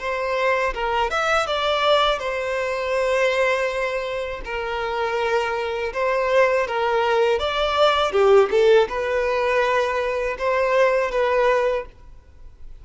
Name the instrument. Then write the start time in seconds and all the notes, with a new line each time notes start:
violin
0.00 C5
0.74 A#4
1.11 E5
1.47 D5
2.19 C5
4.45 A#4
5.94 C5
6.68 A#4
7.39 D5
8.12 G4
8.51 A4
8.89 B4
10.39 C5
11.11 B4